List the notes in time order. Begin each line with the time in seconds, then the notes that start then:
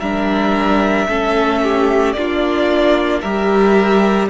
0.00 G3 D4 A#4 E5
1.08 A3 C#4 A4
1.63 G4
2.12 A#3 D4 F4 D5
3.21 G3 G4 A#4 E5